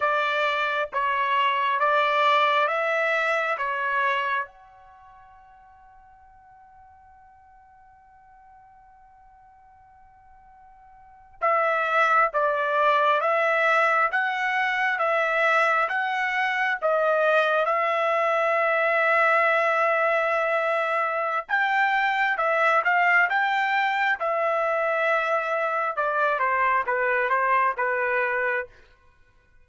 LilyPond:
\new Staff \with { instrumentName = "trumpet" } { \time 4/4 \tempo 4 = 67 d''4 cis''4 d''4 e''4 | cis''4 fis''2.~ | fis''1~ | fis''8. e''4 d''4 e''4 fis''16~ |
fis''8. e''4 fis''4 dis''4 e''16~ | e''1 | g''4 e''8 f''8 g''4 e''4~ | e''4 d''8 c''8 b'8 c''8 b'4 | }